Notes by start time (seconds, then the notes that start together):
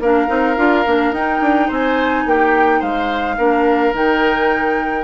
0.00 A#3 D4 A#4 F5
0.28 C4 D#4
0.57 D4 F4
0.87 A#3 D4
1.12 D#4 G5
1.41 D4
1.68 C4 C5 G#5
2.26 A#3 G4 G5
2.80 G#3 C5 F5
3.38 A#3 D4 A#4
3.93 D#3 D#4 G5